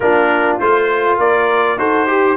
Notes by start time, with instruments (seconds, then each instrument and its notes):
0.00 tuba A#3, trombone D4, horn F4, trumpet A#4
0.59 tuba A3, trombone F4, trumpet C5
1.17 tuba A#3, horn A#4, trumpet D5
1.77 tuba D#4, trombone F#4, horn A4, trumpet C5
2.07 trombone G4, horn G4